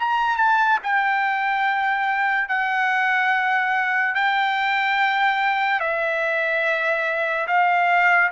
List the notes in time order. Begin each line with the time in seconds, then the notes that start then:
0.00 A#5
0.37 A5
0.84 G5
2.49 F#5
4.16 G5
5.81 E5
7.47 F5